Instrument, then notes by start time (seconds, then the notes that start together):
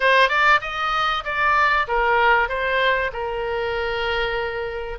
oboe
0.00 C5
0.28 D5
0.61 D#5
1.24 D5
1.88 A#4
2.48 C5
3.12 A#4